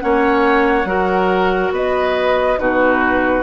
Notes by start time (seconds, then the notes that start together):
0.00 A#3 C#4 C#5 F#5
0.85 F#3 F#4 A#4
1.72 B3 B4 D#5
2.59 B2 D#4 F#4 B4